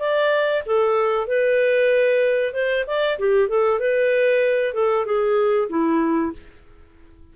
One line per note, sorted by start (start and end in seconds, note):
0.00 0.63 D5
0.66 1.27 A4
1.27 2.53 B4
2.53 2.85 C5
2.87 3.18 D5
3.19 3.49 G4
3.49 3.80 A4
3.80 4.74 B4
4.74 5.06 A4
5.06 5.69 G#4
5.69 6.32 E4